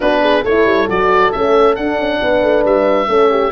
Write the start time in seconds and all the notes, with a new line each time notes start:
0.00 B3 D4 F#4 B4
0.21 G#4
0.43 A3 E4 A4 C#5
0.65 G3
0.88 F#3 F#4 D5
1.32 A3 C#4 E5
1.75 D4 F#5
1.98 C#4
2.21 B3 B4
2.42 A3
2.64 G3 E5
3.07 A3 C#4 A4
3.31 G4